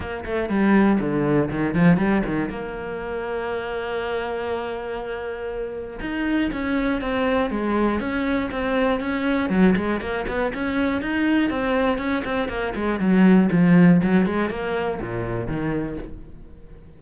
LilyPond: \new Staff \with { instrumentName = "cello" } { \time 4/4 \tempo 4 = 120 ais8 a8 g4 d4 dis8 f8 | g8 dis8 ais2.~ | ais1 | dis'4 cis'4 c'4 gis4 |
cis'4 c'4 cis'4 fis8 gis8 | ais8 b8 cis'4 dis'4 c'4 | cis'8 c'8 ais8 gis8 fis4 f4 | fis8 gis8 ais4 ais,4 dis4 | }